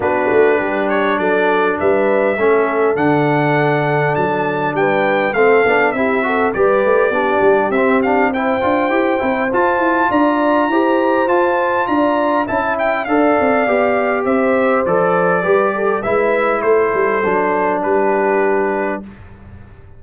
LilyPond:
<<
  \new Staff \with { instrumentName = "trumpet" } { \time 4/4 \tempo 4 = 101 b'4. cis''8 d''4 e''4~ | e''4 fis''2 a''4 | g''4 f''4 e''4 d''4~ | d''4 e''8 f''8 g''2 |
a''4 ais''2 a''4 | ais''4 a''8 g''8 f''2 | e''4 d''2 e''4 | c''2 b'2 | }
  \new Staff \with { instrumentName = "horn" } { \time 4/4 fis'4 g'4 a'4 b'4 | a'1 | b'4 a'4 g'8 a'8 b'4 | g'2 c''2~ |
c''4 d''4 c''2 | d''4 e''4 d''2 | c''2 b'8 a'8 b'4 | a'2 g'2 | }
  \new Staff \with { instrumentName = "trombone" } { \time 4/4 d'1 | cis'4 d'2.~ | d'4 c'8 d'8 e'8 fis'8 g'4 | d'4 c'8 d'8 e'8 f'8 g'8 e'8 |
f'2 g'4 f'4~ | f'4 e'4 a'4 g'4~ | g'4 a'4 g'4 e'4~ | e'4 d'2. | }
  \new Staff \with { instrumentName = "tuba" } { \time 4/4 b8 a8 g4 fis4 g4 | a4 d2 fis4 | g4 a8 b8 c'4 g8 a8 | b8 g8 c'4. d'8 e'8 c'8 |
f'8 e'8 d'4 e'4 f'4 | d'4 cis'4 d'8 c'8 b4 | c'4 f4 g4 gis4 | a8 g8 fis4 g2 | }
>>